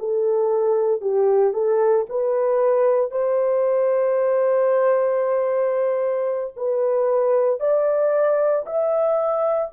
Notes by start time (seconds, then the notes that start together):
0.00 A4
1.01 G4
1.54 A4
2.10 B4
3.12 C5
6.57 B4
7.61 D5
8.67 E5